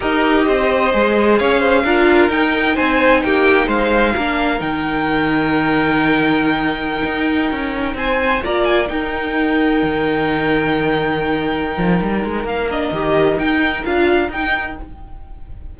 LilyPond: <<
  \new Staff \with { instrumentName = "violin" } { \time 4/4 \tempo 4 = 130 dis''2. f''4~ | f''4 g''4 gis''4 g''4 | f''2 g''2~ | g''1~ |
g''4~ g''16 gis''4 ais''8 gis''8 g''8.~ | g''1~ | g''2. f''8 dis''8~ | dis''4 g''4 f''4 g''4 | }
  \new Staff \with { instrumentName = "violin" } { \time 4/4 ais'4 c''2 cis''8 c''8 | ais'2 c''4 g'4 | c''4 ais'2.~ | ais'1~ |
ais'4~ ais'16 c''4 d''4 ais'8.~ | ais'1~ | ais'1~ | ais'1 | }
  \new Staff \with { instrumentName = "viola" } { \time 4/4 g'2 gis'2 | f'4 dis'2.~ | dis'4 d'4 dis'2~ | dis'1~ |
dis'2~ dis'16 f'4 dis'8.~ | dis'1~ | dis'2.~ dis'8 d'8 | g'4 dis'4 f'4 dis'4 | }
  \new Staff \with { instrumentName = "cello" } { \time 4/4 dis'4 c'4 gis4 cis'4 | d'4 dis'4 c'4 ais4 | gis4 ais4 dis2~ | dis2.~ dis16 dis'8.~ |
dis'16 cis'4 c'4 ais4 dis'8.~ | dis'4~ dis'16 dis2~ dis8.~ | dis4. f8 g8 gis8 ais4 | dis4 dis'4 d'4 dis'4 | }
>>